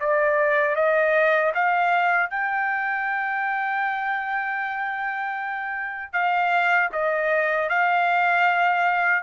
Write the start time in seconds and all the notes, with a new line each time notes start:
0.00 D5
0.76 D#5
1.55 F5
2.30 G5
6.13 F5
6.92 D#5
7.69 F5